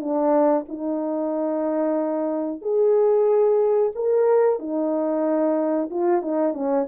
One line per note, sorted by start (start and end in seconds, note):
0.00 0.65 D4
0.68 2.61 D#4
2.61 3.92 G#4
3.95 4.59 A#4
4.59 5.90 D#4
5.90 6.22 F4
6.22 6.54 D#4
6.54 6.87 C#4